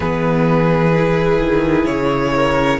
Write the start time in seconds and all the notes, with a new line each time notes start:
0.00 E3 B3 G#4 B4
0.96 E4
1.38 D#3
1.85 C#3 C#5
2.35 A#4